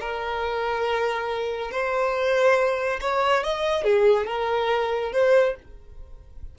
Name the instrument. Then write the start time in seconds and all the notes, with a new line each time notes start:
violin
0.00 A#4
1.71 C5
3.01 C#5
3.43 D#5
3.84 G#4
4.27 A#4
5.12 C5